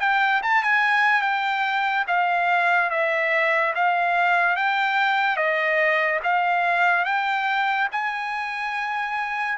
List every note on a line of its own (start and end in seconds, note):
0.00 0.42 G5
0.43 0.63 A5
0.63 1.22 G#5
1.22 2.05 G5
2.07 2.91 F5
2.91 3.74 E5
3.75 4.56 F5
4.56 5.36 G5
5.36 6.20 D#5
6.23 7.05 F5
7.05 7.88 G5
7.92 9.58 G#5